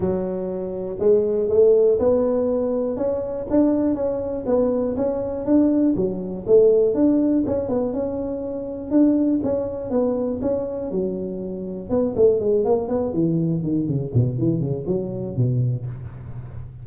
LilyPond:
\new Staff \with { instrumentName = "tuba" } { \time 4/4 \tempo 4 = 121 fis2 gis4 a4 | b2 cis'4 d'4 | cis'4 b4 cis'4 d'4 | fis4 a4 d'4 cis'8 b8 |
cis'2 d'4 cis'4 | b4 cis'4 fis2 | b8 a8 gis8 ais8 b8 e4 dis8 | cis8 b,8 e8 cis8 fis4 b,4 | }